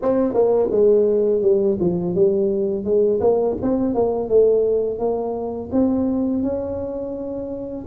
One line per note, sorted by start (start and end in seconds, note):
0.02 0.33 C4
0.33 0.69 A#3
0.71 1.41 G#3
1.41 1.77 G3
1.80 2.15 F3
2.15 2.84 G3
2.84 3.20 G#3
3.20 3.56 A#3
3.62 3.94 C4
3.94 4.29 A#3
4.29 4.98 A3
4.98 5.69 A#3
5.71 6.42 C4
6.42 7.85 C#4